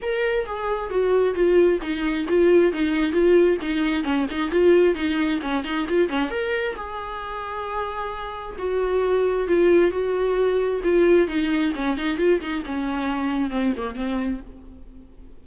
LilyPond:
\new Staff \with { instrumentName = "viola" } { \time 4/4 \tempo 4 = 133 ais'4 gis'4 fis'4 f'4 | dis'4 f'4 dis'4 f'4 | dis'4 cis'8 dis'8 f'4 dis'4 | cis'8 dis'8 f'8 cis'8 ais'4 gis'4~ |
gis'2. fis'4~ | fis'4 f'4 fis'2 | f'4 dis'4 cis'8 dis'8 f'8 dis'8 | cis'2 c'8 ais8 c'4 | }